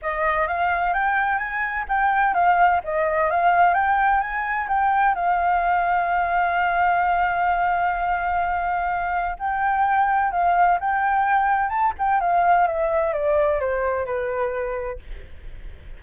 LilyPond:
\new Staff \with { instrumentName = "flute" } { \time 4/4 \tempo 4 = 128 dis''4 f''4 g''4 gis''4 | g''4 f''4 dis''4 f''4 | g''4 gis''4 g''4 f''4~ | f''1~ |
f''1 | g''2 f''4 g''4~ | g''4 a''8 g''8 f''4 e''4 | d''4 c''4 b'2 | }